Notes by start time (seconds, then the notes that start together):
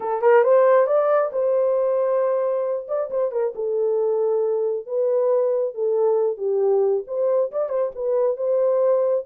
0.00 A4
0.21 A#4
0.43 C5
0.86 D5
1.32 C5
2.88 D5
3.10 C5
3.31 A#4
3.55 A4
4.86 B4
5.74 A4
6.37 G4
7.07 C5
7.51 D5
7.69 C5
7.95 B4
8.36 C5